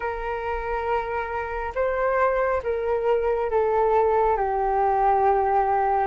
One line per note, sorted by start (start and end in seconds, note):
0.00 1.72 A#4
1.74 2.61 C5
2.63 3.50 A#4
3.50 4.37 A4
4.37 6.07 G4